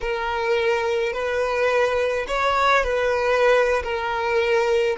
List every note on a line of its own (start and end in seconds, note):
0.01 1.12 A#4
1.12 2.26 B4
2.27 2.83 C#5
2.83 3.82 B4
3.83 4.96 A#4